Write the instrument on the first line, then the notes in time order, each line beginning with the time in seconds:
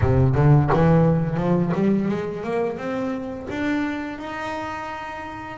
double bass
0.01 C3
0.35 D3
0.73 E3
1.37 F3
1.74 G3
2.08 G#3
2.43 A#3
2.77 C4
3.49 D4
4.18 D#4